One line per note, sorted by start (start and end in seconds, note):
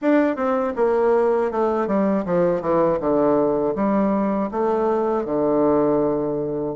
0.01 0.35 D4
0.35 0.73 C4
0.76 1.51 A#3
1.51 1.87 A3
1.87 2.24 G3
2.25 2.61 F3
2.61 2.99 E3
3.00 3.75 D3
3.75 4.50 G3
4.51 5.25 A3
5.25 6.75 D3